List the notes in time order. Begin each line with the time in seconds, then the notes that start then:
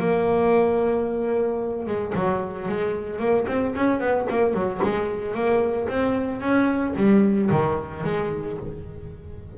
0.00 A#3
1.87 G#3
2.15 F#3
2.69 G#3
3.19 A#3
3.48 C4
3.76 C#4
4.00 B3
4.30 A#3
4.54 F#3
4.83 G#3
5.35 A#3
5.89 C4
6.41 C#4
6.97 G3
7.51 D#3
8.05 G#3